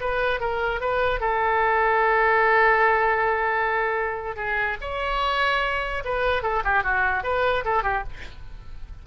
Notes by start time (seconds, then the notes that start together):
0.00 B4
0.40 A#4
0.80 B4
1.20 A4
4.36 G#4
4.81 C#5
6.04 B4
6.42 A4
6.64 G4
6.83 F#4
7.23 B4
7.64 A4
7.83 G4